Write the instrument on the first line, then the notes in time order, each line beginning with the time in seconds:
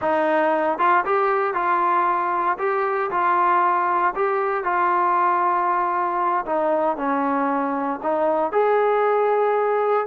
trombone
0.01 D#4
0.78 F4
1.05 G4
1.54 F4
2.58 G4
3.10 F4
4.15 G4
4.64 F4
6.45 D#4
6.96 C#4
8.02 D#4
8.51 G#4